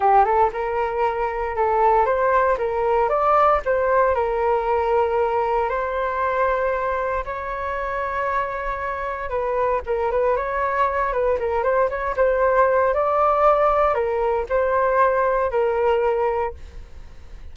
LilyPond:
\new Staff \with { instrumentName = "flute" } { \time 4/4 \tempo 4 = 116 g'8 a'8 ais'2 a'4 | c''4 ais'4 d''4 c''4 | ais'2. c''4~ | c''2 cis''2~ |
cis''2 b'4 ais'8 b'8 | cis''4. b'8 ais'8 c''8 cis''8 c''8~ | c''4 d''2 ais'4 | c''2 ais'2 | }